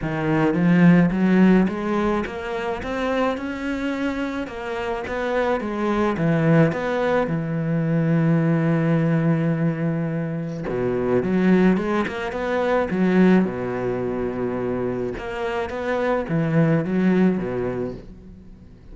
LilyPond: \new Staff \with { instrumentName = "cello" } { \time 4/4 \tempo 4 = 107 dis4 f4 fis4 gis4 | ais4 c'4 cis'2 | ais4 b4 gis4 e4 | b4 e2.~ |
e2. b,4 | fis4 gis8 ais8 b4 fis4 | b,2. ais4 | b4 e4 fis4 b,4 | }